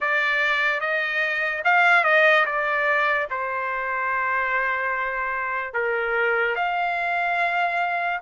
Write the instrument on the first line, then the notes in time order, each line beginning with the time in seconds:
trumpet
0.00 D5
0.80 D#5
1.64 F5
2.04 D#5
2.45 D5
3.30 C5
5.73 A#4
6.55 F5